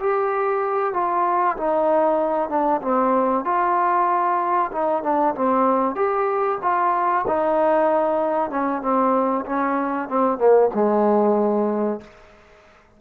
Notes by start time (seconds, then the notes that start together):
0.00 G4
0.94 F4
1.57 D#4
2.50 D4
2.82 C4
3.45 F4
4.72 D#4
5.03 D4
5.35 C4
5.96 G4
6.63 F4
7.28 D#4
8.50 C#4
8.82 C4
9.46 C#4
10.09 C4
10.39 A#3
10.75 G#3